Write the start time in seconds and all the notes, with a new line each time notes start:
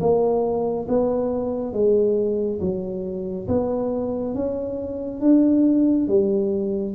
0.00 A#3
0.88 B3
1.73 G#3
2.60 F#3
3.47 B3
4.34 C#4
5.21 D4
6.08 G3